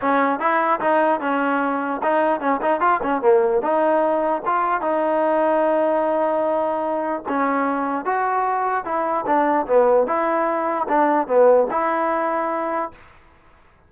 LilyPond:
\new Staff \with { instrumentName = "trombone" } { \time 4/4 \tempo 4 = 149 cis'4 e'4 dis'4 cis'4~ | cis'4 dis'4 cis'8 dis'8 f'8 cis'8 | ais4 dis'2 f'4 | dis'1~ |
dis'2 cis'2 | fis'2 e'4 d'4 | b4 e'2 d'4 | b4 e'2. | }